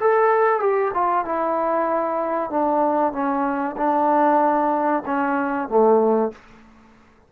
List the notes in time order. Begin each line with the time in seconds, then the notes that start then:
0.00 A4
0.59 G4
0.94 F4
1.25 E4
2.50 D4
3.12 C#4
3.77 D4
5.05 C#4
5.68 A3